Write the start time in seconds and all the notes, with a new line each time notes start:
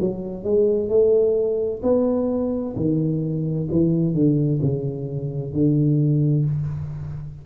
0.00 F#3
0.44 G#3
0.89 A3
1.83 B3
2.76 D#3
3.71 E3
4.14 D3
4.62 C#3
5.53 D3